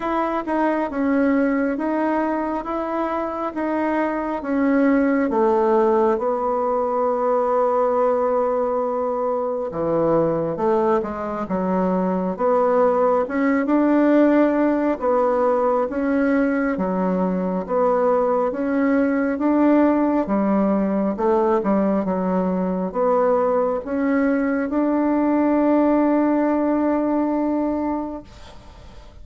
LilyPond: \new Staff \with { instrumentName = "bassoon" } { \time 4/4 \tempo 4 = 68 e'8 dis'8 cis'4 dis'4 e'4 | dis'4 cis'4 a4 b4~ | b2. e4 | a8 gis8 fis4 b4 cis'8 d'8~ |
d'4 b4 cis'4 fis4 | b4 cis'4 d'4 g4 | a8 g8 fis4 b4 cis'4 | d'1 | }